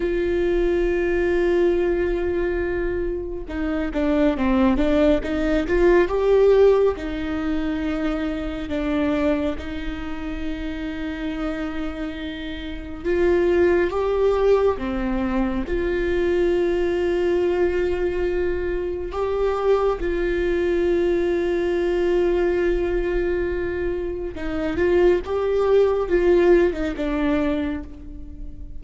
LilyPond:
\new Staff \with { instrumentName = "viola" } { \time 4/4 \tempo 4 = 69 f'1 | dis'8 d'8 c'8 d'8 dis'8 f'8 g'4 | dis'2 d'4 dis'4~ | dis'2. f'4 |
g'4 c'4 f'2~ | f'2 g'4 f'4~ | f'1 | dis'8 f'8 g'4 f'8. dis'16 d'4 | }